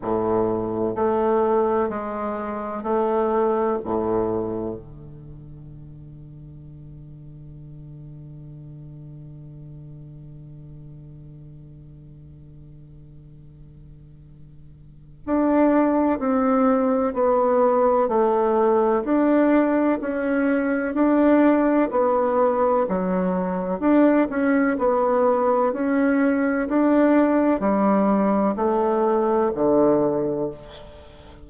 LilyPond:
\new Staff \with { instrumentName = "bassoon" } { \time 4/4 \tempo 4 = 63 a,4 a4 gis4 a4 | a,4 d2.~ | d1~ | d1 |
d'4 c'4 b4 a4 | d'4 cis'4 d'4 b4 | fis4 d'8 cis'8 b4 cis'4 | d'4 g4 a4 d4 | }